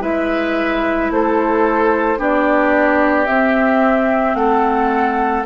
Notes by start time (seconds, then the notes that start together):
0.00 G#3 E4 B4 E5
1.10 A3 A4 C5
2.17 B3 D4 G4 D5
3.26 C4 E5
4.35 A3 A4 F#5